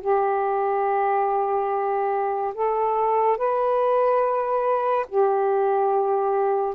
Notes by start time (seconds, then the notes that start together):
0.00 G4
2.54 A4
3.37 B4
5.08 G4